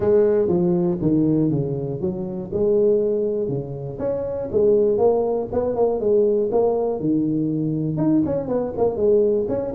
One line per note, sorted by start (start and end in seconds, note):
0.00 0.47 G#3
0.47 0.97 F3
1.01 1.50 D#3
1.50 2.00 C#3
2.00 2.50 F#3
2.52 3.48 G#3
3.48 3.98 C#3
3.99 4.49 C#4
4.51 4.97 G#3
4.97 5.47 A#3
5.52 5.75 B3
5.75 6.00 A#3
6.00 6.50 G#3
6.51 7.00 A#3
7.00 7.97 D#3
7.97 8.22 D#4
8.25 8.47 C#4
8.47 8.72 B3
8.77 8.96 A#3
8.96 9.46 G#3
9.48 9.73 C#4